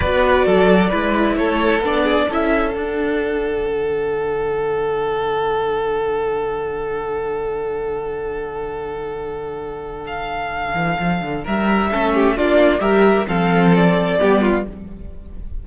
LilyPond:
<<
  \new Staff \with { instrumentName = "violin" } { \time 4/4 \tempo 4 = 131 d''2. cis''4 | d''4 e''4 fis''2~ | fis''1~ | fis''1~ |
fis''1~ | fis''2 f''2~ | f''4 e''2 d''4 | e''4 f''4 d''2 | }
  \new Staff \with { instrumentName = "violin" } { \time 4/4 b'4 a'4 b'4 a'4~ | a'8 gis'8 a'2.~ | a'1~ | a'1~ |
a'1~ | a'1~ | a'4 ais'4 a'8 g'8 f'4 | ais'4 a'2 g'8 f'8 | }
  \new Staff \with { instrumentName = "viola" } { \time 4/4 fis'2 e'2 | d'4 e'4 d'2~ | d'1~ | d'1~ |
d'1~ | d'1~ | d'2 cis'4 d'4 | g'4 c'2 b4 | }
  \new Staff \with { instrumentName = "cello" } { \time 4/4 b4 fis4 gis4 a4 | b4 cis'4 d'2 | d1~ | d1~ |
d1~ | d2.~ d8 e8 | f8 d8 g4 a4 ais4 | g4 f2 g4 | }
>>